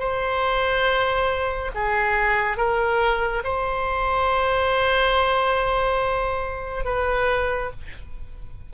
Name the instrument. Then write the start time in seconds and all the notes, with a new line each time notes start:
oboe
0.00 C5
1.75 G#4
2.57 A#4
3.44 C5
6.85 B4